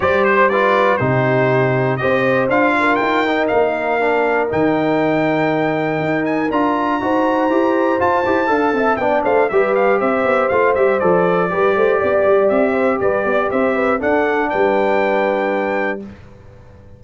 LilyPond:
<<
  \new Staff \with { instrumentName = "trumpet" } { \time 4/4 \tempo 4 = 120 d''8 c''8 d''4 c''2 | dis''4 f''4 g''4 f''4~ | f''4 g''2.~ | g''8 gis''8 ais''2. |
a''2 g''8 f''8 e''8 f''8 | e''4 f''8 e''8 d''2~ | d''4 e''4 d''4 e''4 | fis''4 g''2. | }
  \new Staff \with { instrumentName = "horn" } { \time 4/4 c''4 b'4 g'2 | c''4. ais'2~ ais'8~ | ais'1~ | ais'2 c''2~ |
c''4 f''8 e''8 d''8 c''8 b'4 | c''2. b'8 c''8 | d''4. c''8 b'8 d''8 c''8 b'8 | a'4 b'2. | }
  \new Staff \with { instrumentName = "trombone" } { \time 4/4 g'4 f'4 dis'2 | g'4 f'4. dis'4. | d'4 dis'2.~ | dis'4 f'4 fis'4 g'4 |
f'8 g'8 a'4 d'4 g'4~ | g'4 f'8 g'8 a'4 g'4~ | g'1 | d'1 | }
  \new Staff \with { instrumentName = "tuba" } { \time 4/4 g2 c2 | c'4 d'4 dis'4 ais4~ | ais4 dis2. | dis'4 d'4 dis'4 e'4 |
f'8 e'8 d'8 c'8 b8 a8 g4 | c'8 b8 a8 g8 f4 g8 a8 | b8 g8 c'4 g8 b8 c'4 | d'4 g2. | }
>>